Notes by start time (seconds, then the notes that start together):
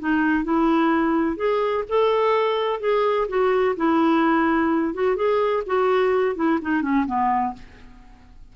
0.00 D#4
0.44 E4
1.37 G#4
1.89 A4
2.81 G#4
3.29 F#4
3.77 E4
4.94 F#4
5.16 G#4
5.67 F#4
6.36 E4
6.62 D#4
6.82 C#4
7.07 B3